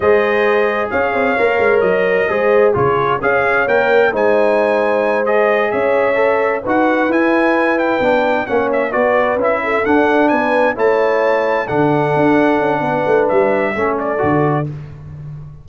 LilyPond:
<<
  \new Staff \with { instrumentName = "trumpet" } { \time 4/4 \tempo 4 = 131 dis''2 f''2 | dis''2 cis''4 f''4 | g''4 gis''2~ gis''8 dis''8~ | dis''8 e''2 fis''4 gis''8~ |
gis''4 g''4. fis''8 e''8 d''8~ | d''8 e''4 fis''4 gis''4 a''8~ | a''4. fis''2~ fis''8~ | fis''4 e''4. d''4. | }
  \new Staff \with { instrumentName = "horn" } { \time 4/4 c''2 cis''2~ | cis''4 c''4 gis'4 cis''4~ | cis''4 c''2.~ | c''8 cis''2 b'4.~ |
b'2~ b'8 cis''4 b'8~ | b'4 a'4. b'4 cis''8~ | cis''4. a'2~ a'8 | b'2 a'2 | }
  \new Staff \with { instrumentName = "trombone" } { \time 4/4 gis'2. ais'4~ | ais'4 gis'4 f'4 gis'4 | ais'4 dis'2~ dis'8 gis'8~ | gis'4. a'4 fis'4 e'8~ |
e'4. d'4 cis'4 fis'8~ | fis'8 e'4 d'2 e'8~ | e'4. d'2~ d'8~ | d'2 cis'4 fis'4 | }
  \new Staff \with { instrumentName = "tuba" } { \time 4/4 gis2 cis'8 c'8 ais8 gis8 | fis4 gis4 cis4 cis'4 | ais4 gis2.~ | gis8 cis'2 dis'4 e'8~ |
e'4. b4 ais4 b8~ | b8 cis'4 d'4 b4 a8~ | a4. d4 d'4 cis'8 | b8 a8 g4 a4 d4 | }
>>